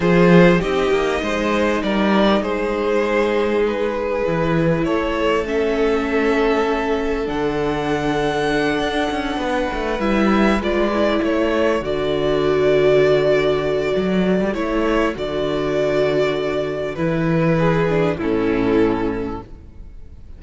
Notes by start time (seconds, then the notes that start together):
0.00 F3 F4 G#4 C5
0.59 C4 D#4 G4 D#5
0.90 A#3
1.21 G#3 C5
1.82 G3 A#4 D5
2.40 G#3 G#4 C5
3.66 B4
4.25 E3 E4
4.84 A3 A4 C#5
5.45 C#4 E5
7.25 D3 D4 F#5
8.79 D4
9.10 C#4
9.36 B3 B4
9.73 A3
9.99 G3 E4 E5
10.59 G#3 F4 D5
10.93 E4
11.22 A3 A4 C#5
11.80 D3 F#4 D5
13.96 F#3
14.41 G3
14.53 A3 E4 C#5
15.14 D3 F#4 D5
16.95 E3 E4 B4
17.58 G#4
17.89 D4
18.17 A2 C#4 E4 A4